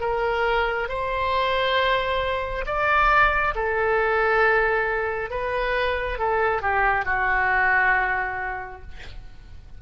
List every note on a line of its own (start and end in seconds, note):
0.00 0.88 A#4
0.89 2.65 C5
2.66 3.54 D5
3.55 5.30 A4
5.30 6.18 B4
6.18 6.61 A4
6.61 7.05 G4
7.05 8.82 F#4